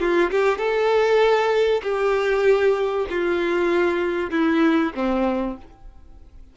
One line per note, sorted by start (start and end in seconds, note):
0.00 0.31 F4
0.31 0.58 G4
0.58 1.82 A4
1.83 3.07 G4
3.10 4.31 F4
4.31 4.93 E4
4.95 5.57 C4